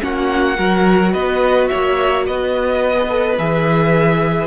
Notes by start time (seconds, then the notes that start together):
0.00 A#3 C#4 F#4 F#5
0.56 F#3 F#4 A#4
1.13 B3 B4 D#5
1.68 A#3 C#5 E5
2.26 B3 B4 D#5
2.94 G#4
3.10 A4
3.39 E3 G#4 E5